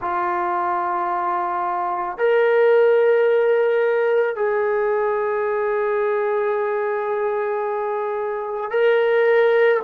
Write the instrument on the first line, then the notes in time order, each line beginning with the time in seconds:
trombone
0.00 F4
2.18 A#4
4.35 G#4
8.70 A#4